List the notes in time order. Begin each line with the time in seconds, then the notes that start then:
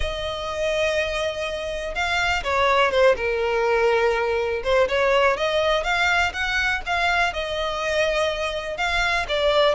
0.00 D#5
1.94 F5
2.43 C#5
2.91 C5
3.16 A#4
4.63 C5
4.88 C#5
5.37 D#5
5.83 F5
6.33 F#5
6.86 F5
7.33 D#5
8.77 F5
9.28 D5